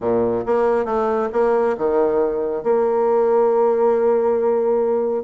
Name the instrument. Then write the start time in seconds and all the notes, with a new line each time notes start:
bassoon
0.00 A#2
0.45 A#3
0.85 A3
1.32 A#3
1.77 D#3
2.63 A#3